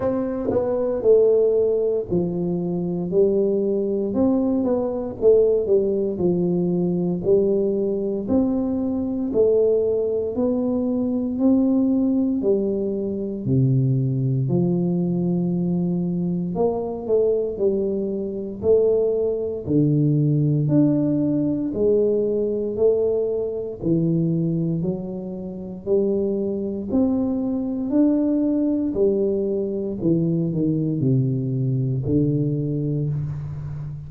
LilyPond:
\new Staff \with { instrumentName = "tuba" } { \time 4/4 \tempo 4 = 58 c'8 b8 a4 f4 g4 | c'8 b8 a8 g8 f4 g4 | c'4 a4 b4 c'4 | g4 c4 f2 |
ais8 a8 g4 a4 d4 | d'4 gis4 a4 e4 | fis4 g4 c'4 d'4 | g4 e8 dis8 c4 d4 | }